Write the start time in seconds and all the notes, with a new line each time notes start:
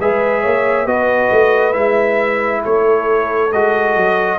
0.00 G#3 G#4 B4 E5
0.41 A#3 C#5
0.85 B3 F#4 B4 D#5
1.31 A3
1.73 G#3 E4 E5
2.63 A3 A4 C#5
3.52 G#3 F#4 D#5
3.96 F#3